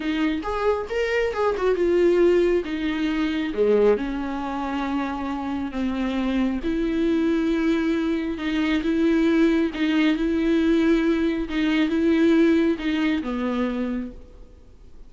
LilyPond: \new Staff \with { instrumentName = "viola" } { \time 4/4 \tempo 4 = 136 dis'4 gis'4 ais'4 gis'8 fis'8 | f'2 dis'2 | gis4 cis'2.~ | cis'4 c'2 e'4~ |
e'2. dis'4 | e'2 dis'4 e'4~ | e'2 dis'4 e'4~ | e'4 dis'4 b2 | }